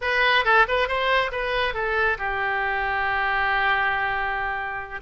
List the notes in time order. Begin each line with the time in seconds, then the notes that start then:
0.01 B4
0.44 A4
0.68 B4
0.88 C5
1.31 B4
1.74 A4
2.18 G4